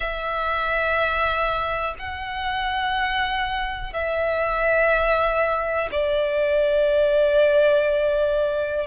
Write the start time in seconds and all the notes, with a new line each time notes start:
0.00 E5
1.99 F#5
3.93 E5
5.91 D5